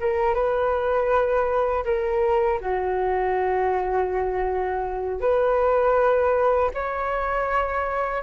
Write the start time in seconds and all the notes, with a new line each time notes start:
0.00 A#4
0.34 B4
1.84 A#4
2.60 F#4
5.20 B4
6.74 C#5